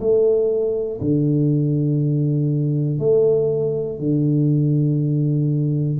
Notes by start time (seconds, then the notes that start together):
0.00 A3
1.00 D3
2.99 A3
3.99 D3